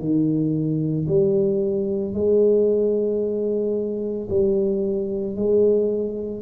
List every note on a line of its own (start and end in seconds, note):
0.00 1.07 D#3
1.08 2.14 G3
2.14 4.29 G#3
4.30 5.36 G3
5.36 6.42 G#3